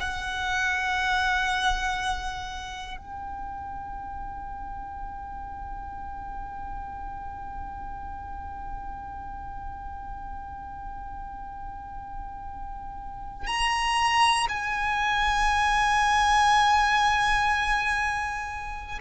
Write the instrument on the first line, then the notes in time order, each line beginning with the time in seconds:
violin
0.00 F#5
2.97 G5
13.47 A#5
14.49 G#5